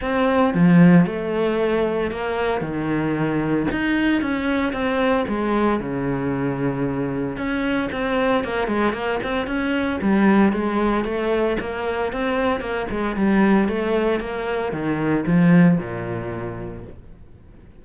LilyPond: \new Staff \with { instrumentName = "cello" } { \time 4/4 \tempo 4 = 114 c'4 f4 a2 | ais4 dis2 dis'4 | cis'4 c'4 gis4 cis4~ | cis2 cis'4 c'4 |
ais8 gis8 ais8 c'8 cis'4 g4 | gis4 a4 ais4 c'4 | ais8 gis8 g4 a4 ais4 | dis4 f4 ais,2 | }